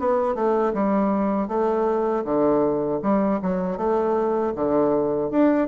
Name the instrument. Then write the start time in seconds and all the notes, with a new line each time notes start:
bassoon
0.00 B3
0.35 A3
0.74 G3
1.48 A3
2.25 D3
3.03 G3
3.42 F#3
3.78 A3
4.56 D3
5.31 D4